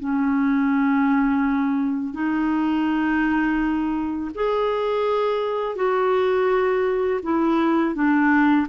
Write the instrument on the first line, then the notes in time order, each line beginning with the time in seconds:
clarinet
0.00 C#4
2.14 D#4
4.35 G#4
5.76 F#4
7.23 E4
7.95 D4